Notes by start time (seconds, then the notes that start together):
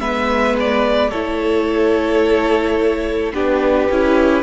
0.00 G#3 B3 B4 E5
0.60 D5
1.10 A3 E4 A4 C#5
3.33 B3 D4 G4 B4
3.91 C#4 E4